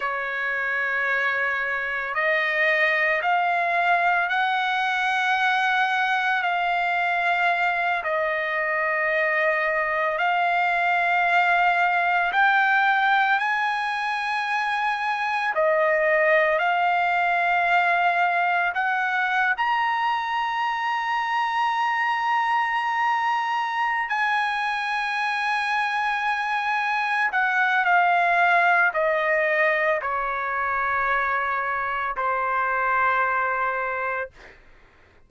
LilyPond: \new Staff \with { instrumentName = "trumpet" } { \time 4/4 \tempo 4 = 56 cis''2 dis''4 f''4 | fis''2 f''4. dis''8~ | dis''4. f''2 g''8~ | g''8 gis''2 dis''4 f''8~ |
f''4. fis''8. ais''4.~ ais''16~ | ais''2~ ais''8 gis''4.~ | gis''4. fis''8 f''4 dis''4 | cis''2 c''2 | }